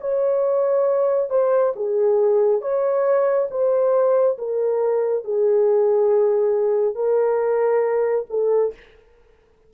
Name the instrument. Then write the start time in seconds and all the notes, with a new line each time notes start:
horn
0.00 C#5
1.29 C5
1.75 G#4
2.61 C#5
3.50 C5
4.38 A#4
5.24 G#4
6.94 A#4
8.30 A4